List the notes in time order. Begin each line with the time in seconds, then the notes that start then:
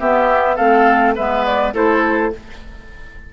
0.00 B3 G4 E5
0.56 A3 C4 A4 F5
1.16 G#3 B3 B4 E5
1.46 D5
1.74 A3 E4 A4 C5